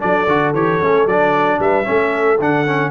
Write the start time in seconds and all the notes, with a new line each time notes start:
0.00 F#3 D4 A4 D5
0.27 D3 F#4
0.54 E3 G4 C#5
0.82 A3 C#4
1.06 F#3 D4 D5
1.59 G3 B4 E5
1.84 A3 C#4 A4
2.39 D3 D4 F#5
2.66 C#4